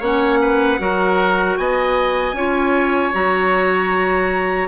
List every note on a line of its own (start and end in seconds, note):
0.00 0.79 A#3
0.00 0.79 C#4
0.00 0.39 C#5
0.00 1.58 F#5
0.41 0.80 B4
0.79 1.58 F#3
0.79 2.34 F#4
0.79 1.59 A#4
1.58 2.33 B3
1.58 2.36 D#5
1.58 3.13 G#5
2.33 3.11 C#4
2.33 3.13 F4
2.33 4.69 C#5
3.13 4.69 F#3
3.13 4.69 F#4
3.13 4.69 A#5